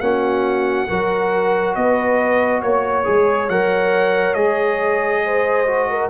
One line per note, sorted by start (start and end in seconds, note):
0.00 0.87 A#3
0.00 0.88 C#4
0.00 0.88 F#4
0.00 1.74 F#5
0.88 1.76 F#3
0.88 3.04 F#4
0.88 1.75 A#4
1.74 2.62 B3
1.74 2.61 B4
1.74 2.61 D#5
2.61 3.06 A#3
2.61 5.22 C#5
2.61 3.49 C#5
3.04 3.48 G#3
3.04 3.47 G#4
3.48 4.35 F#3
3.48 4.35 A#4
3.48 4.34 F#5
4.34 6.09 G#3
4.34 5.65 G#4
4.34 6.08 D#5
5.24 5.90 C5
5.66 6.09 F#4
5.90 6.09 A#4